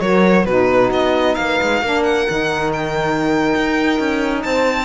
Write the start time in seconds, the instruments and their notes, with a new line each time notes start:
0.00 cello F#3, saxophone F#4, horn A#4, violin C#5
0.45 cello B2, saxophone D#4, horn F#4, violin B4
0.91 cello B3, violin D#5
1.35 cello A#3, horn B4, violin F5
1.61 cello G#3
1.82 cello A#3, saxophone D4, horn A#4
2.03 violin F#5
2.27 cello D#3, saxophone D#4
2.73 violin G5
3.55 cello D#4
3.99 cello C#4
4.42 cello C4, horn C5, violin A5